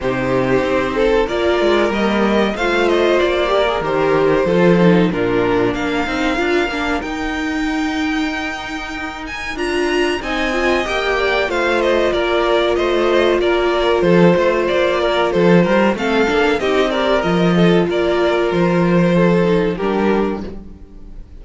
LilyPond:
<<
  \new Staff \with { instrumentName = "violin" } { \time 4/4 \tempo 4 = 94 c''2 d''4 dis''4 | f''8 dis''8 d''4 c''2 | ais'4 f''2 g''4~ | g''2~ g''8 gis''8 ais''4 |
gis''4 g''4 f''8 dis''8 d''4 | dis''4 d''4 c''4 d''4 | c''4 f''4 dis''8 d''8 dis''4 | d''4 c''2 ais'4 | }
  \new Staff \with { instrumentName = "violin" } { \time 4/4 g'4. a'8 ais'2 | c''4. ais'4. a'4 | f'4 ais'2.~ | ais'1 |
dis''4. d''8 c''4 ais'4 | c''4 ais'4 a'8 c''4 ais'8 | a'8 ais'8 a'4 g'8 ais'4 a'8 | ais'2 a'4 g'4 | }
  \new Staff \with { instrumentName = "viola" } { \time 4/4 dis'2 f'4 ais4 | f'4. g'16 gis'16 g'4 f'8 dis'8 | d'4. dis'8 f'8 d'8 dis'4~ | dis'2. f'4 |
dis'8 f'8 g'4 f'2~ | f'1~ | f'4 c'8 d'8 dis'8 g'8 f'4~ | f'2~ f'8 dis'8 d'4 | }
  \new Staff \with { instrumentName = "cello" } { \time 4/4 c4 c'4 ais8 gis8 g4 | a4 ais4 dis4 f4 | ais,4 ais8 c'8 d'8 ais8 dis'4~ | dis'2. d'4 |
c'4 ais4 a4 ais4 | a4 ais4 f8 a8 ais4 | f8 g8 a8 ais8 c'4 f4 | ais4 f2 g4 | }
>>